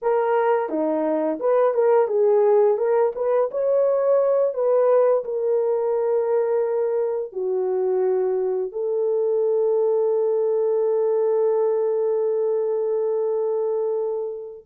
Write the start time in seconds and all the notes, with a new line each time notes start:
0.02 A#4
0.69 D#4
1.39 B4
1.73 A#4
2.07 G#4
2.77 A#4
3.15 B4
3.51 C#5
4.53 B4
5.24 A#4
7.32 F#4
8.72 A4